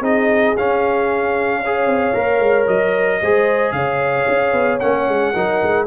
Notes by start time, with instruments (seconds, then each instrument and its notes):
0.00 tuba C4, trombone D#4, horn G#4, trumpet D#5
0.57 trombone C#4, tuba C#4, trumpet F5
1.61 trombone G#4, horn C#5
1.86 tuba C4
2.13 tuba A#3, trombone A#4
2.39 tuba G#3
2.67 tuba F#3, trumpet D#5
3.21 tuba G#3, trombone G#4, horn C5
3.71 tuba C#3, horn C#5, trumpet F5
4.28 tuba C#4
4.52 tuba B3
4.79 tuba A#3, trombone C#4, trumpet F#5
5.07 tuba G#3
5.34 tuba F#3, trombone D#4, horn A#4
5.62 tuba G#3